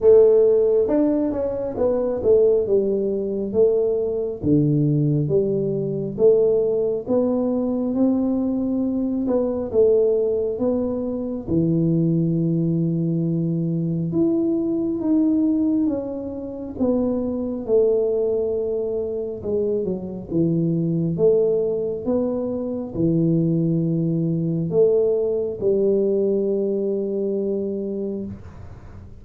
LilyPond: \new Staff \with { instrumentName = "tuba" } { \time 4/4 \tempo 4 = 68 a4 d'8 cis'8 b8 a8 g4 | a4 d4 g4 a4 | b4 c'4. b8 a4 | b4 e2. |
e'4 dis'4 cis'4 b4 | a2 gis8 fis8 e4 | a4 b4 e2 | a4 g2. | }